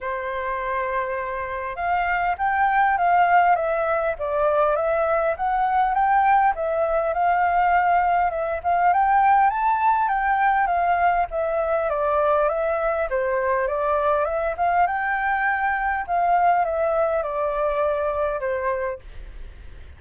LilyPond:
\new Staff \with { instrumentName = "flute" } { \time 4/4 \tempo 4 = 101 c''2. f''4 | g''4 f''4 e''4 d''4 | e''4 fis''4 g''4 e''4 | f''2 e''8 f''8 g''4 |
a''4 g''4 f''4 e''4 | d''4 e''4 c''4 d''4 | e''8 f''8 g''2 f''4 | e''4 d''2 c''4 | }